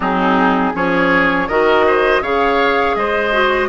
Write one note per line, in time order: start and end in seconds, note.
0.00 0.73 F#3
0.00 0.74 C4
0.00 0.73 D#4
0.00 0.75 G#4
0.74 1.48 F3
0.74 1.48 C#4
0.74 1.48 G#4
0.74 1.48 C#5
1.48 2.21 D#3
1.48 2.23 F#4
1.48 1.85 A#4
1.48 2.22 D#5
1.86 2.22 C5
2.21 2.95 C#3
2.21 3.32 G#4
2.21 2.96 C#5
2.21 2.95 F5
2.95 3.69 G#3
2.95 3.69 C5
2.95 3.69 D#5
3.32 3.69 F#4